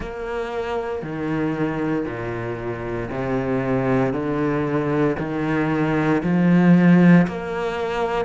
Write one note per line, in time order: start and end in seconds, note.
0.00 1.02 A#3
1.02 2.05 D#3
2.05 3.09 A#2
3.10 4.13 C3
4.13 5.16 D3
5.19 6.22 D#3
6.23 7.26 F3
7.27 8.25 A#3